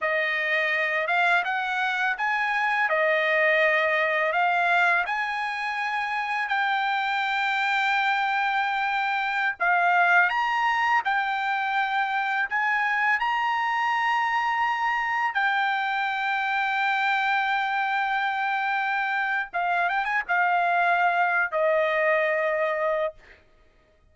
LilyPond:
\new Staff \with { instrumentName = "trumpet" } { \time 4/4 \tempo 4 = 83 dis''4. f''8 fis''4 gis''4 | dis''2 f''4 gis''4~ | gis''4 g''2.~ | g''4~ g''16 f''4 ais''4 g''8.~ |
g''4~ g''16 gis''4 ais''4.~ ais''16~ | ais''4~ ais''16 g''2~ g''8.~ | g''2. f''8 g''16 gis''16 | f''4.~ f''16 dis''2~ dis''16 | }